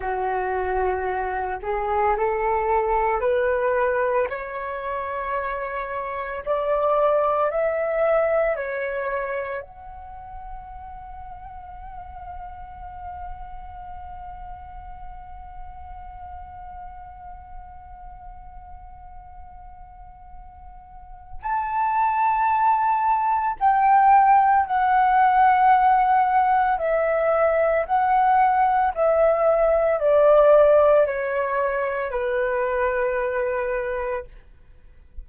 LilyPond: \new Staff \with { instrumentName = "flute" } { \time 4/4 \tempo 4 = 56 fis'4. gis'8 a'4 b'4 | cis''2 d''4 e''4 | cis''4 fis''2.~ | fis''1~ |
fis''1 | a''2 g''4 fis''4~ | fis''4 e''4 fis''4 e''4 | d''4 cis''4 b'2 | }